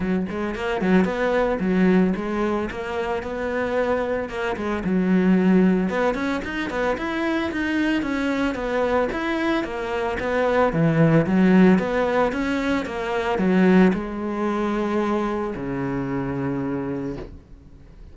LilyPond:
\new Staff \with { instrumentName = "cello" } { \time 4/4 \tempo 4 = 112 fis8 gis8 ais8 fis8 b4 fis4 | gis4 ais4 b2 | ais8 gis8 fis2 b8 cis'8 | dis'8 b8 e'4 dis'4 cis'4 |
b4 e'4 ais4 b4 | e4 fis4 b4 cis'4 | ais4 fis4 gis2~ | gis4 cis2. | }